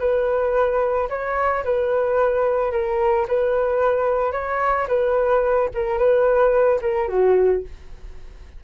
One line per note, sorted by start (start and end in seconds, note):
0.00 1.09 B4
1.10 1.65 C#5
1.65 2.72 B4
2.72 3.27 A#4
3.28 4.33 B4
4.33 4.87 C#5
4.88 5.70 B4
5.75 5.99 A#4
5.99 6.80 B4
6.82 7.09 A#4
7.09 7.63 F#4